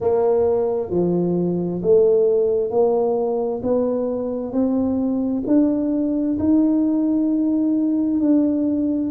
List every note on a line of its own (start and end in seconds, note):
0.00 0.90 A#3
0.90 1.81 F3
1.82 2.70 A3
2.70 3.61 A#3
3.62 4.52 B3
4.52 5.43 C4
5.46 6.37 D4
6.39 8.20 D#4
8.20 9.11 D4